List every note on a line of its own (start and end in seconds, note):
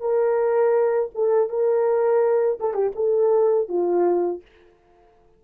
0.00 1.10 A#4
1.14 1.49 A4
1.49 2.59 A#4
2.60 2.73 A4
2.73 2.92 G4
2.95 3.69 A4
3.69 4.42 F4